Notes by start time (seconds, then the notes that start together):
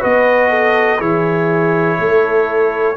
0.00 B3 F#4 B4 D#5
0.50 A4
0.99 E3 E4 G#4 C#5
1.99 A3 A4